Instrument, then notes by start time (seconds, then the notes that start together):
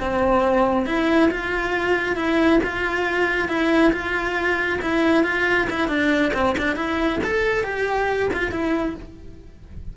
cello
0.00 C4
0.86 E4
1.31 F4
2.16 E4
2.64 F4
3.49 E4
3.92 F4
4.82 E4
5.24 F4
5.70 E4
5.88 D4
6.34 C4
6.58 D4
6.76 E4
7.24 A4
7.64 G4
8.33 F4
8.52 E4